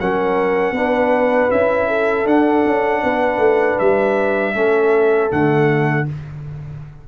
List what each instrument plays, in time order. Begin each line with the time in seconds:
0.00 tuba F#3, trombone C#4, horn A#4, trumpet F#5
0.71 tuba B3, trombone D4, horn B4
1.50 tuba C#4, trombone E4, trumpet E5
1.88 horn A4
2.25 tuba D4, trombone D4, trumpet F#5
2.65 tuba C#4
3.03 tuba B3, horn B4
3.37 tuba A3
3.79 tuba G3, trumpet E5
4.54 tuba A3, trombone C#4, horn A4
5.30 tuba D3, trombone A3, trumpet F#5